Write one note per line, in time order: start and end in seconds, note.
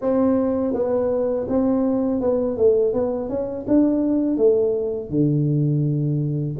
0.01 0.73 C4
0.73 1.46 B3
1.48 2.20 C4
2.20 2.57 B3
2.57 2.93 A3
2.93 3.29 B3
3.29 3.65 C#4
3.67 4.37 D4
4.37 5.10 A3
5.10 6.56 D3